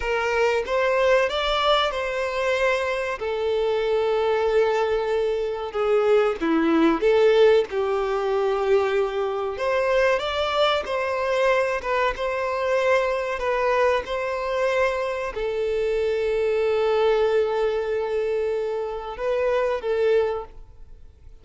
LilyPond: \new Staff \with { instrumentName = "violin" } { \time 4/4 \tempo 4 = 94 ais'4 c''4 d''4 c''4~ | c''4 a'2.~ | a'4 gis'4 e'4 a'4 | g'2. c''4 |
d''4 c''4. b'8 c''4~ | c''4 b'4 c''2 | a'1~ | a'2 b'4 a'4 | }